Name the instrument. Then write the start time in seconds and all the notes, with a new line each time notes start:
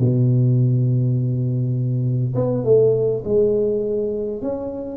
tuba
0.00 B2
2.36 B3
2.65 A3
3.25 G#3
4.42 C#4